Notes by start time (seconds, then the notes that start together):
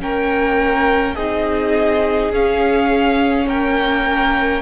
0.00 A#3 C#4 A#4 G5
1.15 C4 D#4 G#4 D#5
2.32 C#4 F5
3.47 A#3 A#4 G5